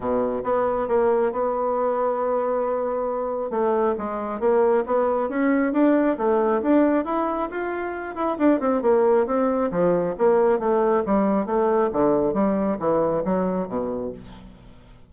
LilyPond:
\new Staff \with { instrumentName = "bassoon" } { \time 4/4 \tempo 4 = 136 b,4 b4 ais4 b4~ | b1 | a4 gis4 ais4 b4 | cis'4 d'4 a4 d'4 |
e'4 f'4. e'8 d'8 c'8 | ais4 c'4 f4 ais4 | a4 g4 a4 d4 | g4 e4 fis4 b,4 | }